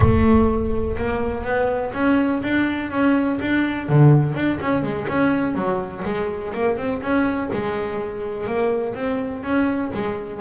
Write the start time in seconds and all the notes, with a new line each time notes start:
0.00 A3
0.97 A#3
1.44 B3
1.93 C#4
2.43 D4
2.90 C#4
3.40 D4
3.88 D3
4.34 D4
4.60 C#4
4.83 G#3
5.08 C#4
5.54 F#3
6.04 G#3
6.54 A#3
6.77 C4
7.01 C#4
7.52 G#3
8.47 A#3
8.94 C4
9.43 C#4
9.93 G#3